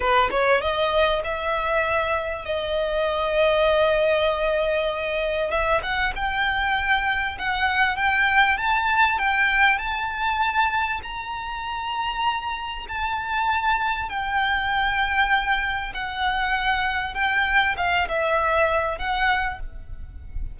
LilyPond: \new Staff \with { instrumentName = "violin" } { \time 4/4 \tempo 4 = 98 b'8 cis''8 dis''4 e''2 | dis''1~ | dis''4 e''8 fis''8 g''2 | fis''4 g''4 a''4 g''4 |
a''2 ais''2~ | ais''4 a''2 g''4~ | g''2 fis''2 | g''4 f''8 e''4. fis''4 | }